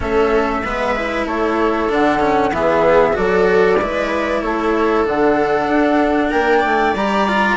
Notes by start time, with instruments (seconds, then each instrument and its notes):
0.00 bassoon A3, cello C#4, viola A4, flute E5
0.64 bassoon G#3, cello B3, viola B4
0.96 cello E4
1.26 bassoon A3, viola A4, flute C#5
1.88 bassoon D3, cello D4, flute F#5
2.20 cello C#4
2.51 bassoon E3, cello B3, viola G#4, flute E5
3.12 bassoon F#3, cello F#4, viola A4, flute D5
3.79 bassoon G#3, cello E4, viola B4
4.41 bassoon A3, viola A4, flute C#5
5.04 bassoon D3, cello D4, flute F#5
5.67 bassoon D4
6.31 bassoon A#3, viola A#4, flute G5
6.59 bassoon A3, viola D5
6.94 bassoon G3, cello G4, flute A#5
7.27 cello F4